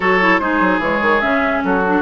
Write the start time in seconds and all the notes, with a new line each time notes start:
0.00 F#3 F#4 A4 C#5
0.20 E4
0.38 G#3 D#4 G#4 C5
0.60 F#3
0.78 E3 G#3 C#5
1.01 D#3
1.20 C#3 C#4 E5
1.63 F#3 F#4 A4
1.86 D4